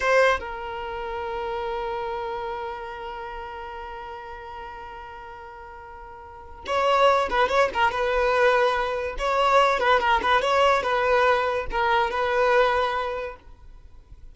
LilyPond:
\new Staff \with { instrumentName = "violin" } { \time 4/4 \tempo 4 = 144 c''4 ais'2.~ | ais'1~ | ais'1~ | ais'1 |
cis''4. b'8 cis''8 ais'8 b'4~ | b'2 cis''4. b'8 | ais'8 b'8 cis''4 b'2 | ais'4 b'2. | }